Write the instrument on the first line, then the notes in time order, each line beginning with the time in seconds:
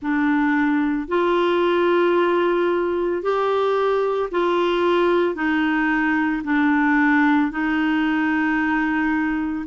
clarinet
0.01 D4
1.08 F4
3.22 G4
4.31 F4
5.35 D#4
6.43 D4
7.51 D#4